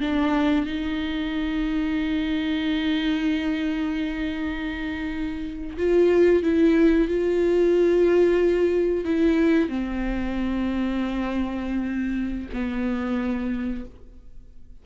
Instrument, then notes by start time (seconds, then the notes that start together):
viola
0.00 D4
0.65 D#4
5.77 F4
6.43 E4
7.08 F4
9.04 E4
9.69 C4
12.53 B3